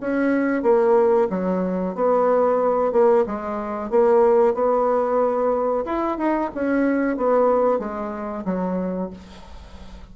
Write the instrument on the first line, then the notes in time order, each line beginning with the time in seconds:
bassoon
0.00 C#4
0.63 A#3
1.30 F#3
1.95 B3
2.92 A#3
3.26 G#3
3.90 A#3
4.54 B3
5.85 E4
6.17 D#4
6.55 C#4
7.17 B3
7.79 G#3
8.45 F#3